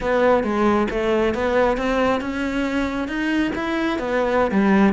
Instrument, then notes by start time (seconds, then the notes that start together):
cello
0.00 B3
0.43 G#3
0.90 A3
1.34 B3
1.77 C4
2.21 C#4
3.08 D#4
3.55 E4
3.98 B3
4.51 G3